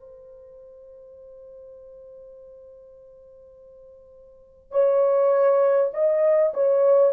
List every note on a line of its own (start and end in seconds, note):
0.00 4.72 C5
4.72 5.91 C#5
5.94 6.53 D#5
6.54 7.13 C#5